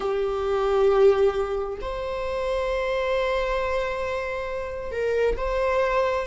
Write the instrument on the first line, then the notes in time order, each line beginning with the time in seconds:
viola
0.00 G4
1.81 C5
4.91 A#4
5.36 C5